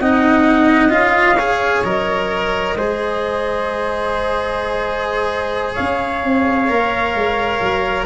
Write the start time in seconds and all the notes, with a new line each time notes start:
0.00 C4 D#4 D#5 F#5
0.89 C#4 F4 F5
1.36 G#4 C#5
1.83 F#3 A#4 D#5
2.75 G#3 G#4 C5
5.74 C#4 C#5 F5
6.23 C4
6.67 A#3 A#4
7.14 G#3
7.61 F#3